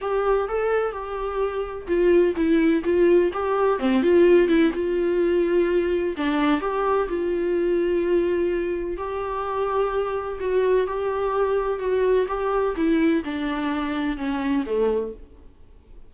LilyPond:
\new Staff \with { instrumentName = "viola" } { \time 4/4 \tempo 4 = 127 g'4 a'4 g'2 | f'4 e'4 f'4 g'4 | c'8 f'4 e'8 f'2~ | f'4 d'4 g'4 f'4~ |
f'2. g'4~ | g'2 fis'4 g'4~ | g'4 fis'4 g'4 e'4 | d'2 cis'4 a4 | }